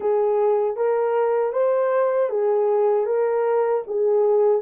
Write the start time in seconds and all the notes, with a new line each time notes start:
0.00 G#4
0.76 A#4
1.52 C5
2.29 G#4
3.06 A#4
3.87 G#4